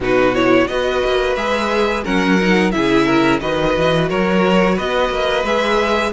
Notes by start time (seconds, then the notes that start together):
0.00 B2 D#4 F#4 B4
0.34 E4 C#5
0.67 B3 F#4 B4 D#5
1.05 A#3
1.35 G#3 G#4 E5
2.04 F#3 C#4 A#4 F#5
2.41 D#4
2.71 C#3 E4 G#4 E5
3.05 A#4
3.40 D#3 F#4 B4 D#5
3.76 E3
4.09 F#3 A#4 C#5
4.75 B3 B4 D#5
5.09 A#3
5.43 G#3 G#4 E5